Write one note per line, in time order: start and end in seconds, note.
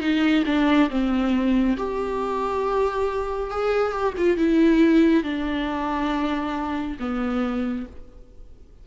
0.00 0.43 D#4
0.46 0.89 D4
0.90 1.77 C4
1.77 3.51 G4
3.51 3.92 G#4
3.92 4.13 G4
4.17 4.37 F4
4.37 5.23 E4
5.23 6.97 D4
6.99 7.86 B3